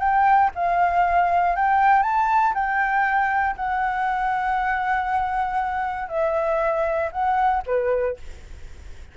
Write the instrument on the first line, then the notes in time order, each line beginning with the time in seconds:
flute
0.00 G5
0.55 F5
1.56 G5
2.03 A5
2.54 G5
3.57 F#5
6.09 E5
7.12 F#5
7.67 B4